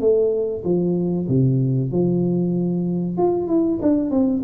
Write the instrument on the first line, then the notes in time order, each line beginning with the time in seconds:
tuba
0.00 A3
0.64 F3
1.28 C3
1.91 F3
3.17 F4
3.48 E4
3.82 D4
4.11 C4